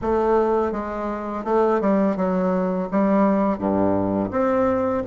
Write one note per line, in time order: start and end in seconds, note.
0.01 0.72 A3
0.72 1.44 G#3
1.44 1.80 A3
1.80 2.16 G3
2.16 2.88 F#3
2.91 3.58 G3
3.58 4.30 G2
4.30 5.03 C4